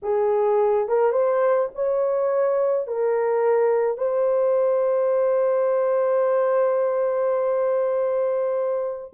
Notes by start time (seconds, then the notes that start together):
0.02 G#4
0.88 A#4
1.12 C5
1.75 C#5
2.87 A#4
3.97 C5